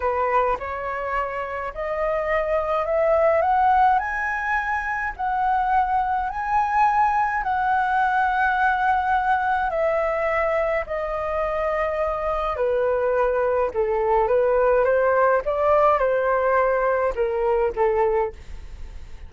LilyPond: \new Staff \with { instrumentName = "flute" } { \time 4/4 \tempo 4 = 105 b'4 cis''2 dis''4~ | dis''4 e''4 fis''4 gis''4~ | gis''4 fis''2 gis''4~ | gis''4 fis''2.~ |
fis''4 e''2 dis''4~ | dis''2 b'2 | a'4 b'4 c''4 d''4 | c''2 ais'4 a'4 | }